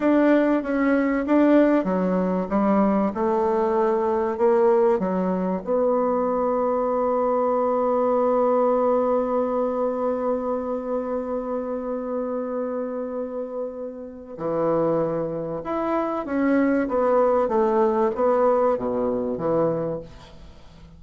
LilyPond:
\new Staff \with { instrumentName = "bassoon" } { \time 4/4 \tempo 4 = 96 d'4 cis'4 d'4 fis4 | g4 a2 ais4 | fis4 b2.~ | b1~ |
b1~ | b2. e4~ | e4 e'4 cis'4 b4 | a4 b4 b,4 e4 | }